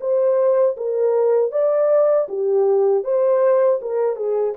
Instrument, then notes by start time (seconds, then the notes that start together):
horn
0.00 C5
0.77 A#4
1.52 D5
2.28 G4
3.04 C5
3.81 A#4
4.16 G#4